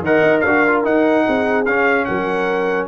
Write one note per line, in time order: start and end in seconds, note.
0.00 0.20 D#3
0.00 0.46 A#4
0.00 0.42 D#5
0.00 0.40 F#5
0.23 0.43 D#4
0.40 0.85 D4
0.40 0.66 F#4
0.40 1.24 A#4
0.40 0.81 F5
0.68 0.84 F4
0.84 1.65 D#4
0.84 1.26 D#4
0.84 1.65 F#5
1.24 1.66 C4
1.24 2.06 G#4
1.65 2.07 C#4
1.65 2.88 C#4
1.65 2.05 F5
2.05 2.88 F#3
2.05 2.88 A#4
2.05 2.87 F#5